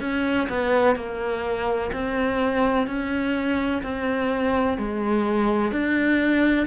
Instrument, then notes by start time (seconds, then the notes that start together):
cello
0.00 C#4
0.49 B3
0.96 A#3
1.92 C4
2.87 C#4
3.82 C4
4.77 G#3
5.72 D4